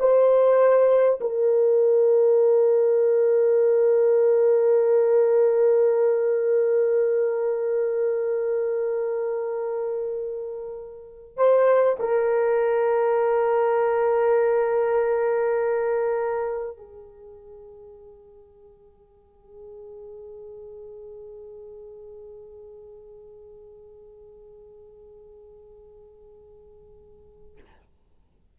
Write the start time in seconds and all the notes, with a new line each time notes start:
0.00 C5
1.21 A#4
11.37 C5
12.00 A#4
16.77 G#4